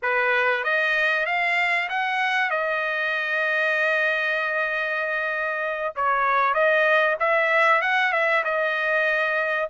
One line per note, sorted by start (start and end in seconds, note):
0.02 0.64 B4
0.64 1.26 D#5
1.26 1.88 F5
1.89 2.50 F#5
2.50 5.94 D#5
5.95 6.54 C#5
6.54 7.16 D#5
7.19 7.81 E5
7.81 8.12 F#5
8.12 8.43 E5
8.44 9.69 D#5